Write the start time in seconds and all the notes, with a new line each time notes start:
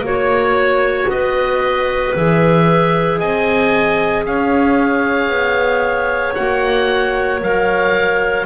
0.00 A#3 F#4 C#5
1.08 B3 B4 D#5
2.15 E3 G#4 E5
3.18 C4 D#5 G#5
4.24 C#4 C#5 F5
5.29 B3
6.34 A#3 F#4 F#5
7.40 F#3 A#4 F5